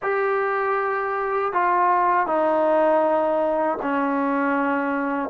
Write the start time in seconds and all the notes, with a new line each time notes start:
0.02 G4
1.53 F4
2.26 D#4
3.81 C#4